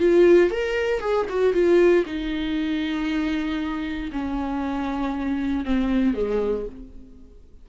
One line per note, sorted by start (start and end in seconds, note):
0.00 0.51 F4
0.51 1.01 A#4
1.01 1.27 G#4
1.30 1.54 F#4
1.54 2.05 F4
2.06 4.11 D#4
4.13 5.65 C#4
5.65 6.15 C4
6.15 6.66 G#3